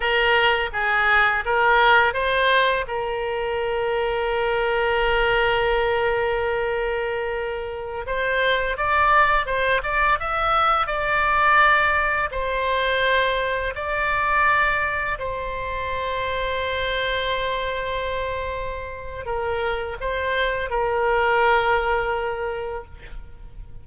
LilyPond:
\new Staff \with { instrumentName = "oboe" } { \time 4/4 \tempo 4 = 84 ais'4 gis'4 ais'4 c''4 | ais'1~ | ais'2.~ ais'16 c''8.~ | c''16 d''4 c''8 d''8 e''4 d''8.~ |
d''4~ d''16 c''2 d''8.~ | d''4~ d''16 c''2~ c''8.~ | c''2. ais'4 | c''4 ais'2. | }